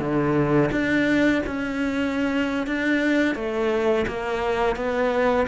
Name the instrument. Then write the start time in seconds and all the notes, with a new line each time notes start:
cello
0.00 D3
0.72 D4
1.47 C#4
2.67 D4
3.36 A3
4.07 A#3
4.76 B3